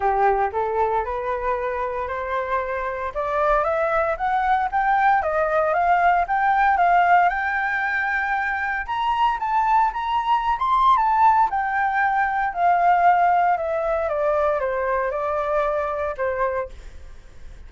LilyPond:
\new Staff \with { instrumentName = "flute" } { \time 4/4 \tempo 4 = 115 g'4 a'4 b'2 | c''2 d''4 e''4 | fis''4 g''4 dis''4 f''4 | g''4 f''4 g''2~ |
g''4 ais''4 a''4 ais''4~ | ais''16 c'''8. a''4 g''2 | f''2 e''4 d''4 | c''4 d''2 c''4 | }